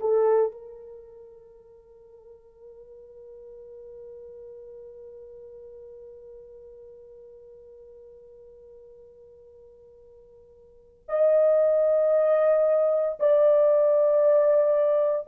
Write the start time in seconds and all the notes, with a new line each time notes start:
0.00 A4
0.52 A#4
11.09 D#5
13.20 D5